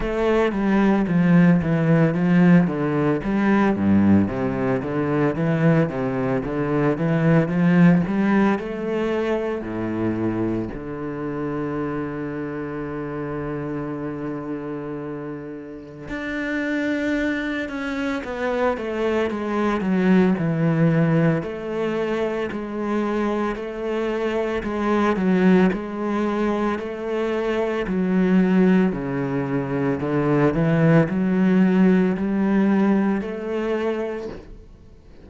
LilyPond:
\new Staff \with { instrumentName = "cello" } { \time 4/4 \tempo 4 = 56 a8 g8 f8 e8 f8 d8 g8 g,8 | c8 d8 e8 c8 d8 e8 f8 g8 | a4 a,4 d2~ | d2. d'4~ |
d'8 cis'8 b8 a8 gis8 fis8 e4 | a4 gis4 a4 gis8 fis8 | gis4 a4 fis4 cis4 | d8 e8 fis4 g4 a4 | }